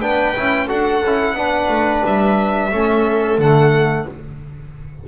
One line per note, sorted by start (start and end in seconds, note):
0.00 0.35 B3
0.00 0.35 D4
0.00 0.67 B4
0.00 0.68 G5
0.36 0.70 C#4
0.36 0.68 E4
0.67 1.04 D4
0.67 1.02 F#4
0.67 1.34 A4
0.67 2.04 F#5
1.04 1.33 C#4
1.04 1.37 E4
1.33 1.67 B3
1.33 2.72 D4
1.33 2.73 B4
1.68 2.02 A3
2.05 2.71 G3
2.05 3.40 E5
2.71 3.38 A3
2.71 3.39 C#4
2.71 4.08 A4
3.38 4.05 D3
3.38 4.07 A3
3.38 4.07 F#5